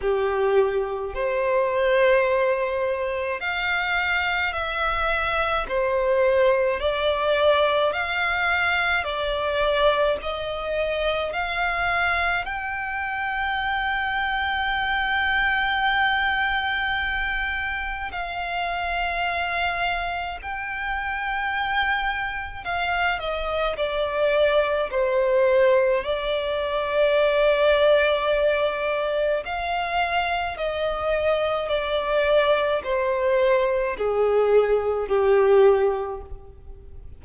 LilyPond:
\new Staff \with { instrumentName = "violin" } { \time 4/4 \tempo 4 = 53 g'4 c''2 f''4 | e''4 c''4 d''4 f''4 | d''4 dis''4 f''4 g''4~ | g''1 |
f''2 g''2 | f''8 dis''8 d''4 c''4 d''4~ | d''2 f''4 dis''4 | d''4 c''4 gis'4 g'4 | }